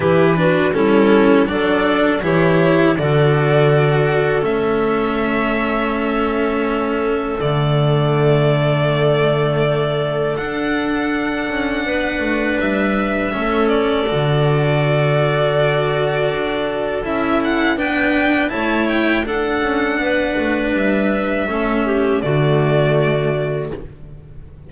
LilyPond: <<
  \new Staff \with { instrumentName = "violin" } { \time 4/4 \tempo 4 = 81 b'4 a'4 d''4 cis''4 | d''2 e''2~ | e''2 d''2~ | d''2 fis''2~ |
fis''4 e''4. d''4.~ | d''2. e''8 fis''8 | g''4 a''8 g''8 fis''2 | e''2 d''2 | }
  \new Staff \with { instrumentName = "clarinet" } { \time 4/4 g'8 fis'8 e'4 a'4 g'4 | a'1~ | a'1~ | a'1 |
b'2 a'2~ | a'1 | b'4 cis''4 a'4 b'4~ | b'4 a'8 g'8 fis'2 | }
  \new Staff \with { instrumentName = "cello" } { \time 4/4 e'8 d'8 cis'4 d'4 e'4 | fis'2 cis'2~ | cis'2 a2~ | a2 d'2~ |
d'2 cis'4 fis'4~ | fis'2. e'4 | d'4 e'4 d'2~ | d'4 cis'4 a2 | }
  \new Staff \with { instrumentName = "double bass" } { \time 4/4 e4 g4 fis4 e4 | d2 a2~ | a2 d2~ | d2 d'4. cis'8 |
b8 a8 g4 a4 d4~ | d2 d'4 cis'4 | b4 a4 d'8 cis'8 b8 a8 | g4 a4 d2 | }
>>